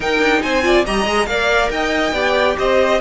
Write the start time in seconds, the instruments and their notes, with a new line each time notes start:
0.00 cello D#4, viola D#4, violin A#4 G5
0.20 cello D4
0.42 cello C4, violin C5 G#5
0.63 viola F4, violin D5
0.85 cello G3, viola G4, violin D#5 A#5
1.05 cello G#3, viola G#4
1.26 cello A#3, viola A#4, violin D5 F5
1.69 cello D#4, violin D#5 G5
2.12 cello B3, viola G4, violin D5
2.58 cello C4, violin C5 D#5